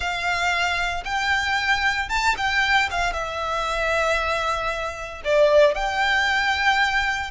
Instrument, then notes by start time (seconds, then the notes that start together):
violin
0.00 F5
1.04 G5
2.09 A5
2.37 G5
2.90 F5
3.13 E5
5.24 D5
5.74 G5